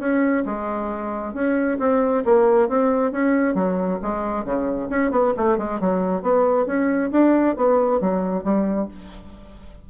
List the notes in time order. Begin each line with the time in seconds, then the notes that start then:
0.00 C#4
0.46 G#3
1.34 C#4
1.80 C4
2.26 A#3
2.69 C4
3.12 C#4
3.55 F#3
4.03 G#3
4.45 C#3
4.91 C#4
5.12 B3
5.37 A3
5.58 G#3
5.81 F#3
6.22 B3
6.67 C#4
7.12 D4
7.57 B3
8.01 F#3
8.44 G3